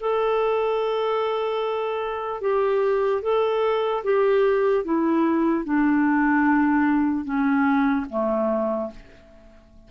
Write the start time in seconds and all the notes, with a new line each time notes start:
0.00 A4
2.41 G4
3.22 A4
4.04 G4
4.85 E4
5.65 D4
7.25 C#4
8.09 A3